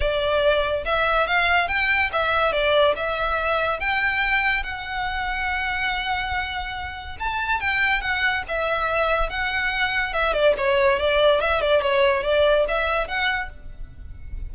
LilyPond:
\new Staff \with { instrumentName = "violin" } { \time 4/4 \tempo 4 = 142 d''2 e''4 f''4 | g''4 e''4 d''4 e''4~ | e''4 g''2 fis''4~ | fis''1~ |
fis''4 a''4 g''4 fis''4 | e''2 fis''2 | e''8 d''8 cis''4 d''4 e''8 d''8 | cis''4 d''4 e''4 fis''4 | }